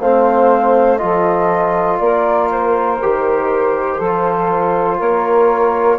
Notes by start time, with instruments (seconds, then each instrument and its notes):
0.00 bassoon A3, trombone C4, saxophone C5, flute F5
0.97 bassoon F3, trombone F4, saxophone A4, flute D#5
1.98 bassoon A#3, saxophone A#4, flute D5
2.51 flute C5
3.02 bassoon D#3, trombone G4
3.97 bassoon F3, saxophone A4
4.03 trombone F4
4.98 bassoon A#3, saxophone A#4, flute C#5